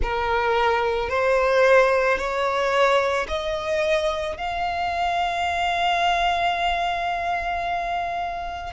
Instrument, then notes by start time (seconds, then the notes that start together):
violin
0.02 A#4
1.09 C5
2.18 C#5
3.28 D#5
4.37 F5